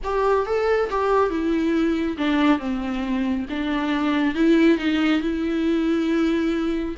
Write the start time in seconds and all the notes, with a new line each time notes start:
0.03 G4
0.46 A4
0.90 G4
1.29 E4
2.17 D4
2.58 C4
3.49 D4
4.34 E4
4.78 D#4
5.21 E4